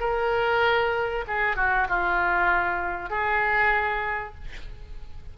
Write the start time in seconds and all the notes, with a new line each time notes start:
0.00 A#4
1.28 G#4
1.56 F#4
1.89 F4
3.10 G#4